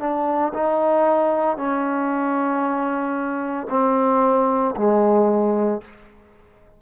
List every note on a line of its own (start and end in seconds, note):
0.00 0.53 D4
0.54 1.57 D#4
1.57 3.67 C#4
3.70 4.75 C4
4.77 5.82 G#3